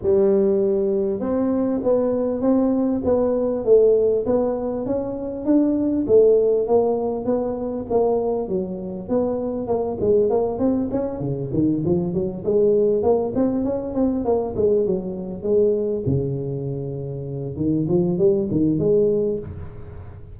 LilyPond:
\new Staff \with { instrumentName = "tuba" } { \time 4/4 \tempo 4 = 99 g2 c'4 b4 | c'4 b4 a4 b4 | cis'4 d'4 a4 ais4 | b4 ais4 fis4 b4 |
ais8 gis8 ais8 c'8 cis'8 cis8 dis8 f8 | fis8 gis4 ais8 c'8 cis'8 c'8 ais8 | gis8 fis4 gis4 cis4.~ | cis4 dis8 f8 g8 dis8 gis4 | }